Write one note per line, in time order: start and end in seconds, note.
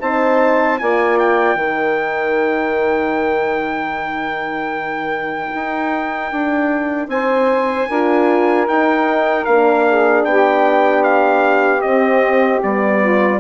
0.00 0.81 C4
0.00 0.79 D#4
0.00 0.80 C5
0.00 0.79 A5
0.79 1.55 A#3
0.79 1.59 F4
0.79 1.57 D5
0.79 1.18 G#5
1.19 7.10 G5
1.55 5.50 D#3
1.55 7.90 D#4
1.55 7.10 A#4
5.55 6.32 D#4
6.32 7.08 D4
7.08 7.87 C4
7.08 7.89 C5
7.08 8.68 G#5
7.89 8.68 D4
7.89 8.68 F4
7.89 9.86 A#4
8.68 9.47 D#4
8.68 9.45 G5
9.45 10.25 A#3
9.45 11.82 D4
9.45 10.24 F5
9.89 10.29 G#4
10.25 11.83 B3
10.25 13.01 G4
10.25 11.03 G5
11.03 11.82 F5
11.82 12.61 C4
11.82 12.63 C4
11.82 12.61 D#5
12.63 13.40 G3
12.63 13.40 B3
12.63 13.40 D5
13.01 13.40 F4